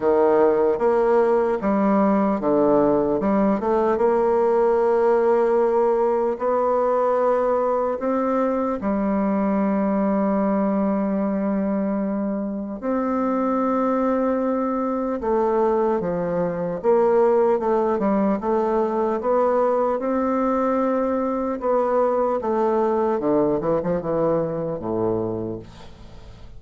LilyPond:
\new Staff \with { instrumentName = "bassoon" } { \time 4/4 \tempo 4 = 75 dis4 ais4 g4 d4 | g8 a8 ais2. | b2 c'4 g4~ | g1 |
c'2. a4 | f4 ais4 a8 g8 a4 | b4 c'2 b4 | a4 d8 e16 f16 e4 a,4 | }